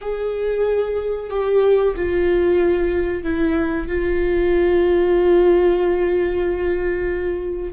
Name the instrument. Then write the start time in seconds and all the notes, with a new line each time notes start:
viola
0.01 G#4
1.30 G4
1.95 F4
3.23 E4
3.87 F4